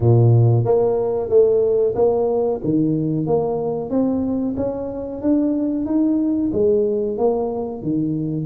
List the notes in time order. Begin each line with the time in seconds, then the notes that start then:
0.00 A#2
0.64 A#3
1.29 A3
1.95 A#3
2.64 D#3
3.26 A#3
3.90 C4
4.57 C#4
5.21 D4
5.85 D#4
6.52 G#3
7.17 A#3
7.82 D#3